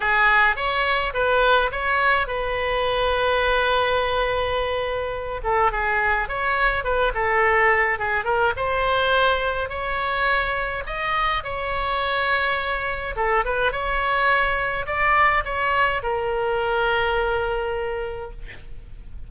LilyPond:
\new Staff \with { instrumentName = "oboe" } { \time 4/4 \tempo 4 = 105 gis'4 cis''4 b'4 cis''4 | b'1~ | b'4. a'8 gis'4 cis''4 | b'8 a'4. gis'8 ais'8 c''4~ |
c''4 cis''2 dis''4 | cis''2. a'8 b'8 | cis''2 d''4 cis''4 | ais'1 | }